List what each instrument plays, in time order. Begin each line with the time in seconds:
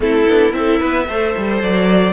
0.00 cello A3, viola C4, violin E4 A4
0.26 cello B3, viola D4
0.52 cello C4, viola E4, violin A4 E5
0.80 cello B3, violin B4
1.08 cello A3, viola A4, violin C5
1.37 cello G3
1.62 cello F#3, violin D5